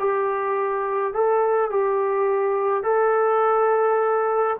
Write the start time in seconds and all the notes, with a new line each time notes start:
0.00 G4
1.14 A4
1.71 G4
2.84 A4